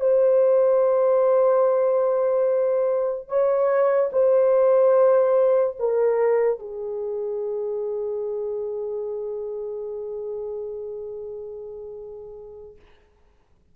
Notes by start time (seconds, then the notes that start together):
0.00 C5
3.28 C#5
4.12 C5
5.79 A#4
6.59 G#4